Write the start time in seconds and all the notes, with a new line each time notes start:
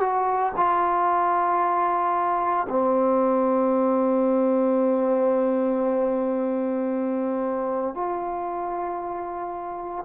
0.00 F#4
0.56 F4
2.69 C4
7.94 F4